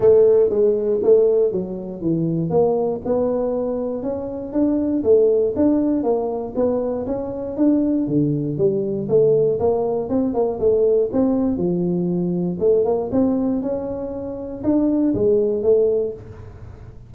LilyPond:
\new Staff \with { instrumentName = "tuba" } { \time 4/4 \tempo 4 = 119 a4 gis4 a4 fis4 | e4 ais4 b2 | cis'4 d'4 a4 d'4 | ais4 b4 cis'4 d'4 |
d4 g4 a4 ais4 | c'8 ais8 a4 c'4 f4~ | f4 a8 ais8 c'4 cis'4~ | cis'4 d'4 gis4 a4 | }